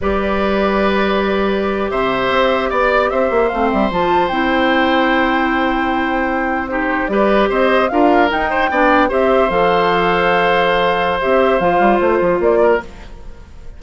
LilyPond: <<
  \new Staff \with { instrumentName = "flute" } { \time 4/4 \tempo 4 = 150 d''1~ | d''8. e''2 d''4 e''16~ | e''8. f''8 e''8 a''4 g''4~ g''16~ | g''1~ |
g''8. c''4 d''4 dis''4 f''16~ | f''8. g''2 e''4 f''16~ | f''1 | e''4 f''4 c''4 d''4 | }
  \new Staff \with { instrumentName = "oboe" } { \time 4/4 b'1~ | b'8. c''2 d''4 c''16~ | c''1~ | c''1~ |
c''8. g'4 b'4 c''4 ais'16~ | ais'4~ ais'16 c''8 d''4 c''4~ c''16~ | c''1~ | c''2.~ c''8 ais'8 | }
  \new Staff \with { instrumentName = "clarinet" } { \time 4/4 g'1~ | g'1~ | g'8. c'4 f'4 e'4~ e'16~ | e'1~ |
e'8. dis'4 g'2 f'16~ | f'8. dis'4 d'4 g'4 a'16~ | a'1 | g'4 f'2. | }
  \new Staff \with { instrumentName = "bassoon" } { \time 4/4 g1~ | g8. c4 c'4 b4 c'16~ | c'16 ais8 a8 g8 f4 c'4~ c'16~ | c'1~ |
c'4.~ c'16 g4 c'4 d'16~ | d'8. dis'4 b4 c'4 f16~ | f1 | c'4 f8 g8 a8 f8 ais4 | }
>>